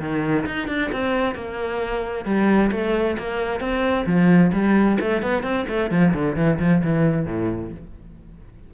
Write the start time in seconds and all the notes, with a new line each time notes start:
0.00 D#3
0.46 D#4
0.68 D4
0.92 C4
1.35 A#3
2.25 G3
2.71 A3
3.18 A#3
3.60 C4
4.06 F3
4.53 G3
5.00 A3
5.23 B3
5.43 C4
5.68 A3
5.91 F3
6.14 D3
6.36 E3
6.60 F3
6.83 E3
7.26 A2